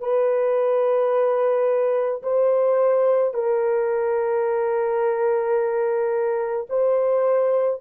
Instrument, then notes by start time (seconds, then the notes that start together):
horn
0.00 B4
2.23 C5
3.34 A#4
6.69 C5